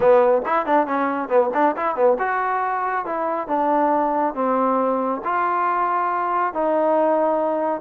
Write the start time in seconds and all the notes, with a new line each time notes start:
0.00 B3
0.45 E4
0.66 D4
0.86 C#4
1.28 B3
1.53 D4
1.76 E4
1.95 B3
2.18 F#4
3.05 E4
3.47 D4
4.34 C4
5.24 F4
6.53 D#4